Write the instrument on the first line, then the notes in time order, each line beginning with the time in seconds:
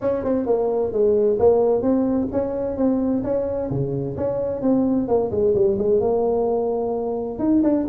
tuba
0.01 C#4
0.24 C4
0.46 A#3
0.92 G#3
1.39 A#3
1.81 C4
2.32 C#4
2.77 C4
3.23 C#4
3.70 C#3
4.16 C#4
4.61 C4
5.07 A#3
5.31 G#3
5.54 G3
5.78 G#3
6.00 A#3
7.38 D#4
7.63 D4